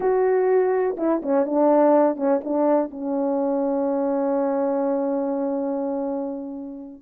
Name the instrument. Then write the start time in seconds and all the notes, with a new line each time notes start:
horn
0.00 F#4
0.97 E4
1.22 C#4
1.45 D4
2.16 C#4
2.44 D4
2.90 C#4